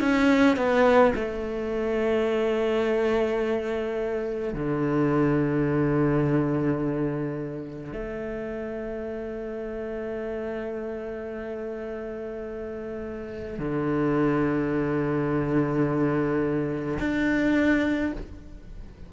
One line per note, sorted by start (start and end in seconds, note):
0.00 0.57 C#4
0.57 1.13 B3
1.15 4.54 A3
4.54 7.93 D3
7.93 13.59 A3
13.59 16.99 D3
17.00 18.13 D4